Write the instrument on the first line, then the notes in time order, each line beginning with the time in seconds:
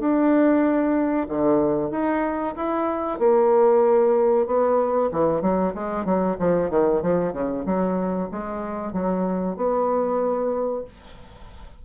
bassoon
0.00 D4
1.29 D3
1.91 D#4
2.56 E4
3.19 A#3
4.47 B3
5.12 E3
5.42 F#3
5.75 G#3
6.05 F#3
6.39 F3
6.70 D#3
7.02 F3
7.33 C#3
7.66 F#3
8.32 G#3
8.93 F#3
9.56 B3